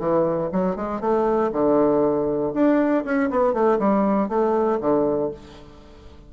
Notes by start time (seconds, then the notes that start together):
0.00 E3
0.52 F#3
0.76 G#3
1.01 A3
1.52 D3
2.54 D4
3.05 C#4
3.30 B3
3.54 A3
3.80 G3
4.29 A3
4.81 D3